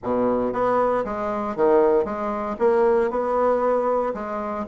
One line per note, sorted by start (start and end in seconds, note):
0.03 0.52 B2
0.52 1.04 B3
1.04 1.56 G#3
1.56 2.04 D#3
2.04 2.56 G#3
2.58 3.10 A#3
3.10 4.13 B3
4.14 4.65 G#3